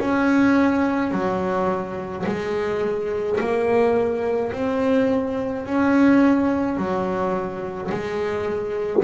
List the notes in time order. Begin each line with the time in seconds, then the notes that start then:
0.00 C#4
1.12 F#3
2.26 G#3
3.40 A#3
4.52 C4
5.66 C#4
6.77 F#3
7.91 G#3